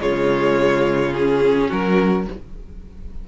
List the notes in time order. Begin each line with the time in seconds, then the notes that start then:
0.00 C#3 G#3 F4 C#5
1.12 C#4 G#4
1.68 F#3 F#4 A#4